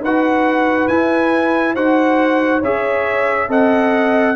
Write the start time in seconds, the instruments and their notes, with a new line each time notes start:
0.00 tuba D#4, trombone F#4, horn B4, trumpet F#5
0.88 tuba E4, trombone E4, trumpet G#5
1.74 tuba D#4, trombone F#4, horn C5, trumpet F#5
2.59 tuba C#4, trombone G#4, horn C#5, trumpet E5
3.49 tuba C4, trombone A4, horn D#5, trumpet F#5